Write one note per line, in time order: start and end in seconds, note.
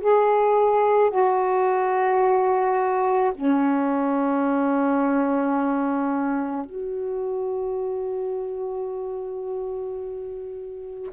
0.00 1.10 G#4
1.10 3.32 F#4
3.34 6.65 C#4
6.65 11.10 F#4